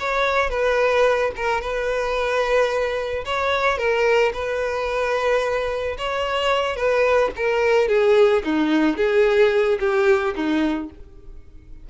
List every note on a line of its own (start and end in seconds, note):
0.00 0.50 C#5
0.50 1.32 B4
1.36 1.61 A#4
1.61 3.25 B4
3.26 3.78 C#5
3.78 4.32 A#4
4.34 5.97 B4
5.98 6.77 C#5
6.77 7.31 B4
7.37 7.88 A#4
7.88 8.43 G#4
8.45 8.97 D#4
8.97 9.79 G#4
9.80 10.35 G4
10.36 10.90 D#4